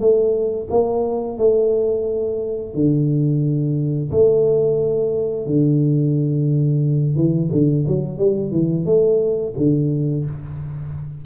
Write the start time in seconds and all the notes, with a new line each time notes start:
0.00 A3
0.70 A#3
1.38 A3
2.74 D3
4.11 A3
5.46 D3
7.16 E3
7.52 D3
7.87 F#3
8.18 G3
8.51 E3
8.85 A3
9.57 D3